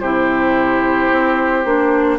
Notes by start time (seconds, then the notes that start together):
0.00 C3 E4 G4 C5
1.10 C4
1.65 A#3 D4